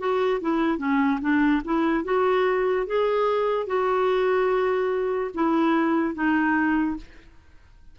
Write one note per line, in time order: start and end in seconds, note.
0.00 0.41 F#4
0.41 0.79 E4
0.79 1.20 C#4
1.21 1.63 D4
1.65 2.05 E4
2.05 2.87 F#4
2.87 3.67 G#4
3.67 5.31 F#4
5.35 6.15 E4
6.15 6.97 D#4